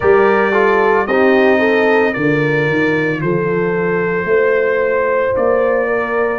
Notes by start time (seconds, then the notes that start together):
0.00 G3 G4 A#4 D5
0.52 F4 A4
1.06 C4 D#4 G4 D#5
1.58 A4
2.12 D3 F4 A#4 D5
2.68 D#3
3.21 F3 A4 C5
4.24 A3 C5
5.36 A#3 D5
5.87 A#4